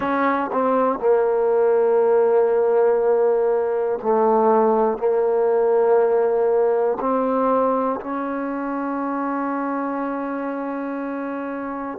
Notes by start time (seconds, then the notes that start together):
0.00 C#4
0.52 C4
0.99 A#3
4.02 A3
4.97 A#3
7.00 C4
8.00 C#4